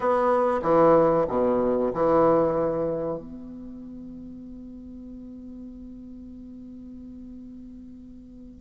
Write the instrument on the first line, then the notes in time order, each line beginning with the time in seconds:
bassoon
0.00 B3
0.62 E3
1.28 B2
1.93 E3
3.17 B3